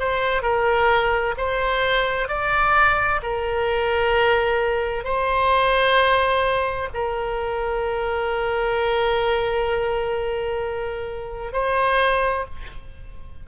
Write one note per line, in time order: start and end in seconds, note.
0.00 0.43 C5
0.43 1.35 A#4
1.38 2.29 C5
2.29 3.21 D5
3.23 5.05 A#4
5.05 6.89 C5
6.94 11.53 A#4
11.53 12.46 C5